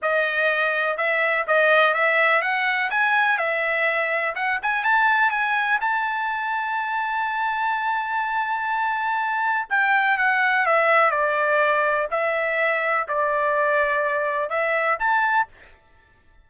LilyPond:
\new Staff \with { instrumentName = "trumpet" } { \time 4/4 \tempo 4 = 124 dis''2 e''4 dis''4 | e''4 fis''4 gis''4 e''4~ | e''4 fis''8 gis''8 a''4 gis''4 | a''1~ |
a''1 | g''4 fis''4 e''4 d''4~ | d''4 e''2 d''4~ | d''2 e''4 a''4 | }